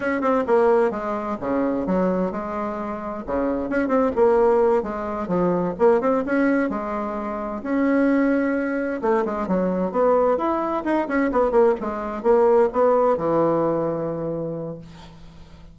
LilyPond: \new Staff \with { instrumentName = "bassoon" } { \time 4/4 \tempo 4 = 130 cis'8 c'8 ais4 gis4 cis4 | fis4 gis2 cis4 | cis'8 c'8 ais4. gis4 f8~ | f8 ais8 c'8 cis'4 gis4.~ |
gis8 cis'2. a8 | gis8 fis4 b4 e'4 dis'8 | cis'8 b8 ais8 gis4 ais4 b8~ | b8 e2.~ e8 | }